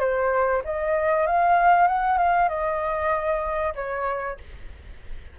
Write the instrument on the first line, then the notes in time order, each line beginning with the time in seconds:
flute
0.00 C5
0.65 D#5
1.27 F5
1.88 F#5
2.18 F5
2.49 D#5
3.75 C#5